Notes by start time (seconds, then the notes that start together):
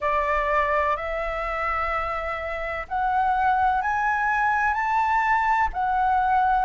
0.00 D5
0.96 E5
2.88 F#5
3.81 G#5
4.73 A5
5.73 F#5